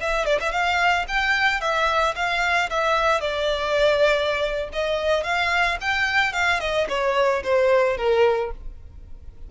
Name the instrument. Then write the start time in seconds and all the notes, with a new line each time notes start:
violin
0.00 E5
0.26 D5
0.40 E5
0.51 F5
1.08 G5
1.60 E5
2.15 F5
2.70 E5
3.20 D5
4.72 D#5
5.23 F5
5.81 G5
6.33 F5
6.60 D#5
6.88 C#5
7.43 C5
7.97 A#4